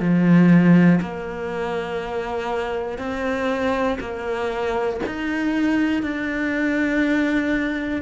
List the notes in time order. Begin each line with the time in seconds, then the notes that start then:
0.00 F3
1.01 A#3
2.98 C4
4.00 A#3
5.06 D#4
6.03 D4